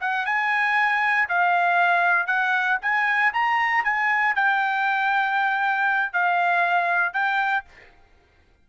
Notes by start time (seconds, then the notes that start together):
0.00 F#5
0.25 G#5
1.29 F5
2.26 F#5
2.81 G#5
3.33 A#5
3.84 G#5
4.35 G5
6.12 F5
7.13 G5